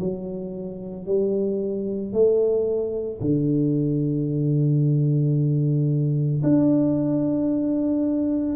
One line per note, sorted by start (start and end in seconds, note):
0.00 1.06 F#3
1.06 2.13 G3
2.13 3.20 A3
3.21 6.43 D3
6.43 8.56 D4